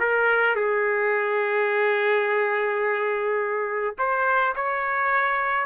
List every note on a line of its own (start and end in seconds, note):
0.00 0.56 A#4
0.56 3.95 G#4
3.99 4.55 C5
4.56 5.66 C#5